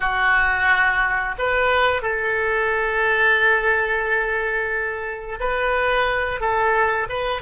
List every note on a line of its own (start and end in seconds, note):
0.00 1.35 F#4
1.38 2.02 B4
2.02 5.39 A4
5.40 6.40 B4
6.40 7.07 A4
7.09 7.41 B4